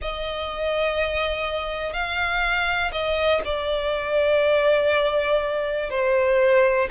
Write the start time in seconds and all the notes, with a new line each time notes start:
0.01 D#5
1.93 F5
2.92 D#5
3.44 D5
5.90 C5